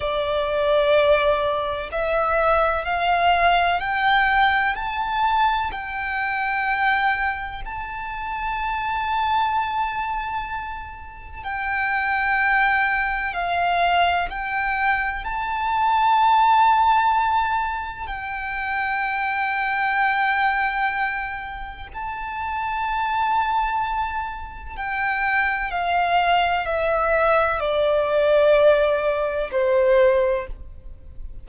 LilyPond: \new Staff \with { instrumentName = "violin" } { \time 4/4 \tempo 4 = 63 d''2 e''4 f''4 | g''4 a''4 g''2 | a''1 | g''2 f''4 g''4 |
a''2. g''4~ | g''2. a''4~ | a''2 g''4 f''4 | e''4 d''2 c''4 | }